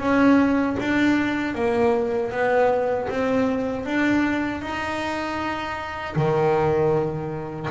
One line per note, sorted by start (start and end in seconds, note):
0.00 0.77 C#4
0.80 1.55 D4
1.55 2.32 A#3
2.32 3.09 B3
3.09 3.86 C4
3.86 4.62 D4
4.62 6.16 D#4
6.16 7.70 D#3